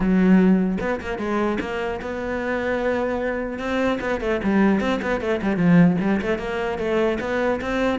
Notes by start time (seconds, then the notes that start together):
0.00 F#3
0.80 B3
1.00 A#3
1.18 G#3
1.60 A#3
2.01 B3
3.59 C4
4.01 B3
4.21 A3
4.43 G3
4.80 C4
5.01 B3
5.21 A3
5.41 G3
5.56 F3
6.01 G3
6.21 A3
6.38 A#3
6.78 A3
7.20 B3
7.61 C4